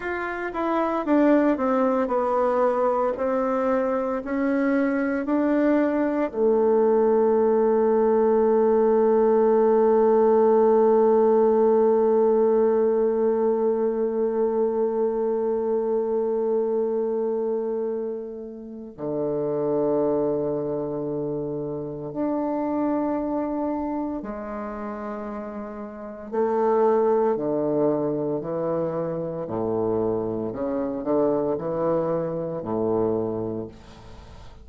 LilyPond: \new Staff \with { instrumentName = "bassoon" } { \time 4/4 \tempo 4 = 57 f'8 e'8 d'8 c'8 b4 c'4 | cis'4 d'4 a2~ | a1~ | a1~ |
a2 d2~ | d4 d'2 gis4~ | gis4 a4 d4 e4 | a,4 cis8 d8 e4 a,4 | }